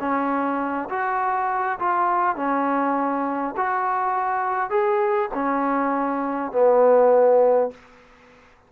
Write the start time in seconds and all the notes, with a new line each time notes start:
0.00 C#4
0.89 F#4
1.79 F4
2.36 C#4
3.57 F#4
4.70 G#4
5.34 C#4
6.52 B3